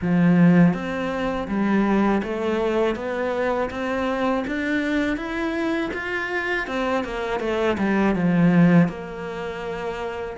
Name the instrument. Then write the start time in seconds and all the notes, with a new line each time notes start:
cello
0.01 F3
0.73 C4
1.47 G3
2.23 A3
2.95 B3
3.70 C4
4.46 D4
5.16 E4
5.93 F4
6.67 C4
7.04 A#3
7.40 A3
7.78 G3
8.15 F3
8.88 A#3